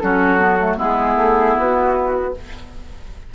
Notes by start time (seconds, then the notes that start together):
0.00 F#3 C#4 F#4 A4
0.39 B3
0.60 A3
0.78 G#3 B3 E4 G#4
1.17 A3
1.58 B3 F#4